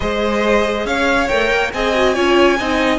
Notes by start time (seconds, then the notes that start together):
0.00 G#3 G#4 C5 D#5
0.85 C#4 C#5 F5
1.28 A3 A#4 G5
1.51 A#3
1.73 C4 G#4 D#5 G#5
1.95 F#4
2.13 C#4 F4 C#5
2.58 C4 D#4 D#5